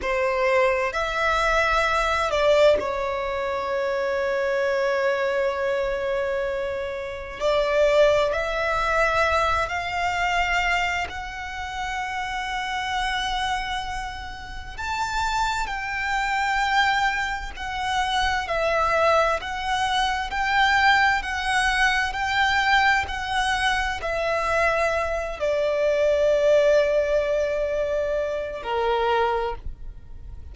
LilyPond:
\new Staff \with { instrumentName = "violin" } { \time 4/4 \tempo 4 = 65 c''4 e''4. d''8 cis''4~ | cis''1 | d''4 e''4. f''4. | fis''1 |
a''4 g''2 fis''4 | e''4 fis''4 g''4 fis''4 | g''4 fis''4 e''4. d''8~ | d''2. ais'4 | }